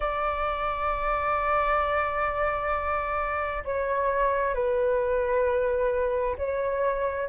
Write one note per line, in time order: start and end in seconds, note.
0.00 3.63 D5
3.64 4.54 C#5
4.54 6.36 B4
6.37 7.28 C#5